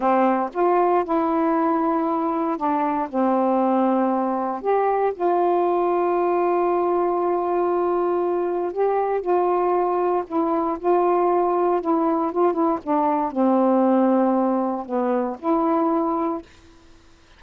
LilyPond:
\new Staff \with { instrumentName = "saxophone" } { \time 4/4 \tempo 4 = 117 c'4 f'4 e'2~ | e'4 d'4 c'2~ | c'4 g'4 f'2~ | f'1~ |
f'4 g'4 f'2 | e'4 f'2 e'4 | f'8 e'8 d'4 c'2~ | c'4 b4 e'2 | }